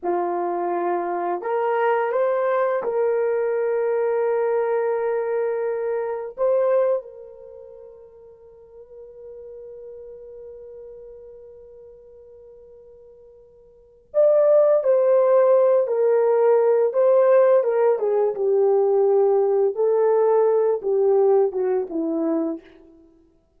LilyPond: \new Staff \with { instrumentName = "horn" } { \time 4/4 \tempo 4 = 85 f'2 ais'4 c''4 | ais'1~ | ais'4 c''4 ais'2~ | ais'1~ |
ais'1 | d''4 c''4. ais'4. | c''4 ais'8 gis'8 g'2 | a'4. g'4 fis'8 e'4 | }